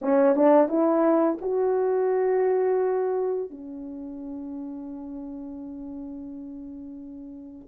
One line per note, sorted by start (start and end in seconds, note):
0.01 0.35 C#4
0.35 0.68 D4
0.68 1.38 E4
1.41 3.50 F#4
3.50 7.68 C#4